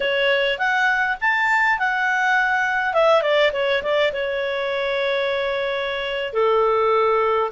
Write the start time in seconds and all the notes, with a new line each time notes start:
0.00 C#5
0.58 F#5
1.20 A5
1.78 F#5
2.93 E5
3.22 D5
3.53 C#5
3.82 D5
4.12 C#5
6.33 A4